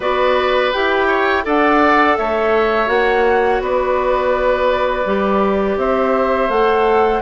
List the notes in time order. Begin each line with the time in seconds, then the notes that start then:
0.00 B3 F#4 B4 D5
0.72 E4 G4 G5
1.07 C#5
1.43 D4 A4 D5 F#5
2.17 A3 C#5 E5
2.86 A#3 F#4 F#5
3.60 B3 B4 D5
5.05 G3 G4
5.77 C4 C5 E5
6.49 A3 A4 F#5